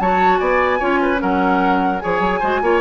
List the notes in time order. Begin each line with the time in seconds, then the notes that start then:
0.00 F#3 F#4 C#5 A5
0.39 B3 D5 G#5
0.79 C#4 F4 C#5
1.02 B4
1.17 F#3 C#4 A#4 F#5
2.00 F3 G#4 C#5 G#5
2.20 F#3
2.40 G#3 F#4 C5
2.62 A#3 F4 C#5